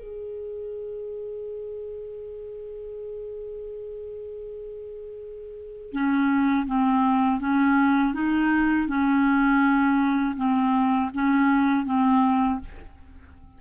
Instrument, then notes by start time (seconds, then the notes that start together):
clarinet
0.00 G#4
5.93 C#4
6.67 C4
7.41 C#4
8.14 D#4
8.88 C#4
10.37 C4
11.14 C#4
11.86 C4